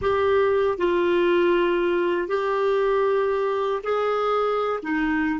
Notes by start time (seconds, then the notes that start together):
0.01 G4
0.78 F4
2.28 G4
3.83 G#4
4.83 D#4